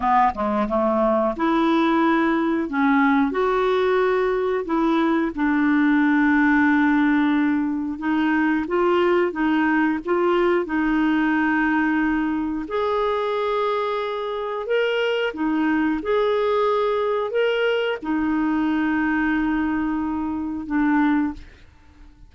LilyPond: \new Staff \with { instrumentName = "clarinet" } { \time 4/4 \tempo 4 = 90 b8 gis8 a4 e'2 | cis'4 fis'2 e'4 | d'1 | dis'4 f'4 dis'4 f'4 |
dis'2. gis'4~ | gis'2 ais'4 dis'4 | gis'2 ais'4 dis'4~ | dis'2. d'4 | }